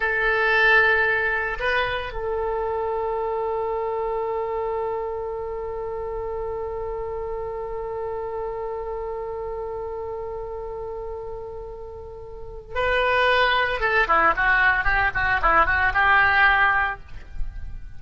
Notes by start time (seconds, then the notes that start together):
0.00 A4
1.59 B4
2.12 A4
12.74 B4
13.80 A4
14.07 E4
14.36 F#4
14.84 G4
15.14 F#4
15.42 E4
15.66 F#4
15.93 G4